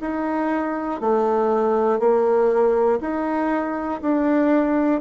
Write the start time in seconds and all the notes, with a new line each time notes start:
0.00 D#4
1.00 A3
1.99 A#3
3.00 D#4
4.01 D4